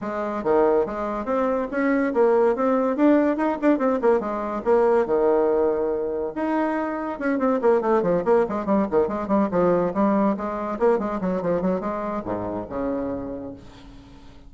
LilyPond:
\new Staff \with { instrumentName = "bassoon" } { \time 4/4 \tempo 4 = 142 gis4 dis4 gis4 c'4 | cis'4 ais4 c'4 d'4 | dis'8 d'8 c'8 ais8 gis4 ais4 | dis2. dis'4~ |
dis'4 cis'8 c'8 ais8 a8 f8 ais8 | gis8 g8 dis8 gis8 g8 f4 g8~ | g8 gis4 ais8 gis8 fis8 f8 fis8 | gis4 gis,4 cis2 | }